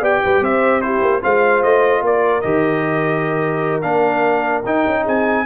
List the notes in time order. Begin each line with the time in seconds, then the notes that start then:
0.00 B3 G4 D5 G5
0.24 G3 B4
0.41 C4 C5 E5
0.82 E4 G4 C5
1.02 A#3
1.22 G#3 F4 C5 F5
1.63 A3 D#5
2.02 A#3 A#4 D5
2.41 D#3 G4 D#5
3.82 A#3 D4 F5
4.65 D#4 G5
4.86 C#4
5.04 C4 G#4 G#5